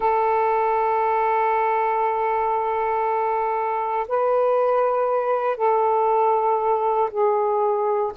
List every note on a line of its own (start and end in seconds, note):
0.00 4.07 A4
4.08 5.57 B4
5.57 7.09 A4
7.10 8.12 G#4